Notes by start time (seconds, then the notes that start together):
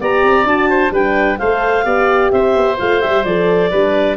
0.00 B3 G4 D5 A#5
0.23 C4
0.44 D4 F#4 A5
0.70 C5
0.91 G3 D4 B4 G5
1.39 A3 A4 C5 F5
1.84 B3 G4 D5
2.31 C4 C5 E5
2.56 B3
2.78 A3 F4 F5
3.01 G3 G4 E5
3.24 F3 A4 D5
3.71 G3 D4 B4